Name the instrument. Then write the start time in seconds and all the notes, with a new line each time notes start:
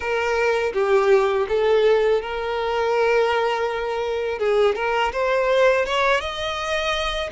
violin
0.00 A#4
0.73 G4
1.48 A4
2.21 A#4
4.38 G#4
4.75 A#4
5.12 C5
5.85 C#5
6.20 D#5